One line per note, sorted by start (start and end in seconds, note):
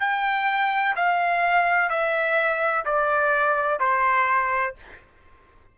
0.00 0.95 G5
0.96 1.90 F5
1.90 2.85 E5
2.86 3.80 D5
3.80 4.75 C5